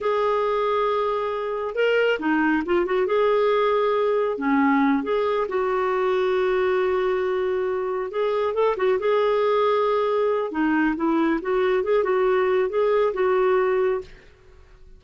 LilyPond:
\new Staff \with { instrumentName = "clarinet" } { \time 4/4 \tempo 4 = 137 gis'1 | ais'4 dis'4 f'8 fis'8 gis'4~ | gis'2 cis'4. gis'8~ | gis'8 fis'2.~ fis'8~ |
fis'2~ fis'8 gis'4 a'8 | fis'8 gis'2.~ gis'8 | dis'4 e'4 fis'4 gis'8 fis'8~ | fis'4 gis'4 fis'2 | }